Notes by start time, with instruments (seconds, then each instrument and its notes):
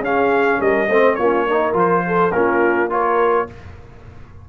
0.00 tuba C#4, trombone C#4, horn G#4, trumpet F5
0.59 tuba G3, horn A#4, trumpet D#5
0.88 tuba A3, trombone C4, horn C5
1.15 tuba A#3, trombone C#4, horn F4, trumpet C#5
1.47 trombone D#4, horn A#4
1.73 tuba F3, trombone F4, trumpet C5
2.07 horn A4
2.32 tuba A#3, trombone C#4, horn F4, trumpet A#4
2.90 trombone F4, horn A#4, trumpet C#5